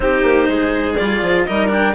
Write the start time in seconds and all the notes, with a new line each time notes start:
0.00 C4 D#4 G4 C5
0.22 A#3
0.48 G#3 G#4
0.95 G3 F4 D5
1.22 F3
1.44 G3 D#4 A#4 D#5
1.68 D4 G5